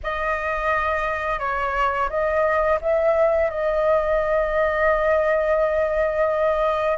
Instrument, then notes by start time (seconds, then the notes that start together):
flute
0.03 D#5
1.39 C#5
2.09 D#5
2.81 E5
3.50 D#5